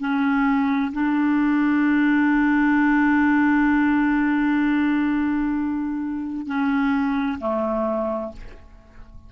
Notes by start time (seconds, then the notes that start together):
0.00 C#4
0.93 D4
6.47 C#4
7.40 A3